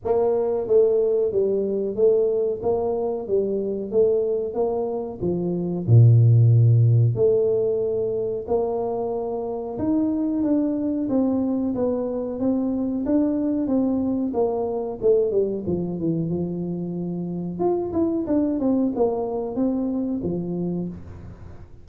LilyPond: \new Staff \with { instrumentName = "tuba" } { \time 4/4 \tempo 4 = 92 ais4 a4 g4 a4 | ais4 g4 a4 ais4 | f4 ais,2 a4~ | a4 ais2 dis'4 |
d'4 c'4 b4 c'4 | d'4 c'4 ais4 a8 g8 | f8 e8 f2 f'8 e'8 | d'8 c'8 ais4 c'4 f4 | }